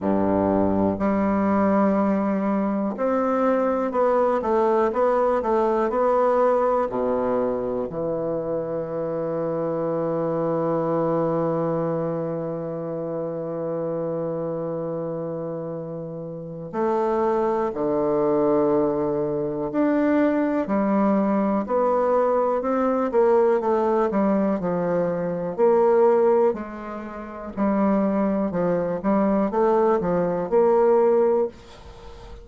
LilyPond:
\new Staff \with { instrumentName = "bassoon" } { \time 4/4 \tempo 4 = 61 g,4 g2 c'4 | b8 a8 b8 a8 b4 b,4 | e1~ | e1~ |
e4 a4 d2 | d'4 g4 b4 c'8 ais8 | a8 g8 f4 ais4 gis4 | g4 f8 g8 a8 f8 ais4 | }